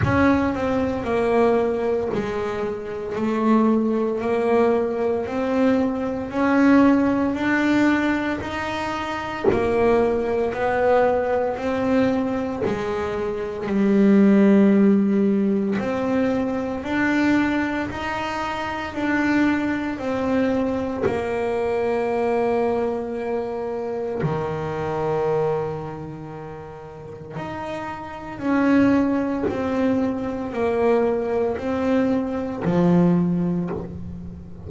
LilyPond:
\new Staff \with { instrumentName = "double bass" } { \time 4/4 \tempo 4 = 57 cis'8 c'8 ais4 gis4 a4 | ais4 c'4 cis'4 d'4 | dis'4 ais4 b4 c'4 | gis4 g2 c'4 |
d'4 dis'4 d'4 c'4 | ais2. dis4~ | dis2 dis'4 cis'4 | c'4 ais4 c'4 f4 | }